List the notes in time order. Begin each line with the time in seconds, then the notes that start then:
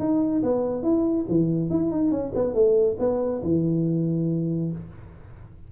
0.00 D#4
0.43 B3
0.83 E4
1.29 E3
1.70 E4
1.92 D#4
2.12 C#4
2.35 B3
2.54 A3
2.99 B3
3.44 E3